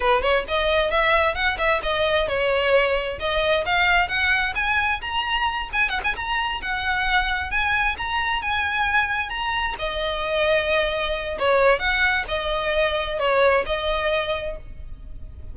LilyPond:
\new Staff \with { instrumentName = "violin" } { \time 4/4 \tempo 4 = 132 b'8 cis''8 dis''4 e''4 fis''8 e''8 | dis''4 cis''2 dis''4 | f''4 fis''4 gis''4 ais''4~ | ais''8 gis''8 fis''16 gis''16 ais''4 fis''4.~ |
fis''8 gis''4 ais''4 gis''4.~ | gis''8 ais''4 dis''2~ dis''8~ | dis''4 cis''4 fis''4 dis''4~ | dis''4 cis''4 dis''2 | }